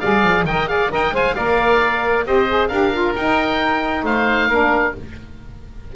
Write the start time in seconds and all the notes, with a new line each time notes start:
0.00 G3 G#4 D5 F5
0.23 F3
0.45 D#3 A#4 D#5 G5
0.67 G#4 D5 F5
0.90 D#4 A#4 D#5 G5
1.12 G#3 C5 F5 G#5
1.35 A#3 A#4 D5 F5
2.25 C4 G4 C5 D#5
2.48 G#4
2.68 D4 G4 A#4 F5
2.92 F4
3.16 D#4 G5
4.03 A3 C5 F5
4.48 A#3 D4 A#4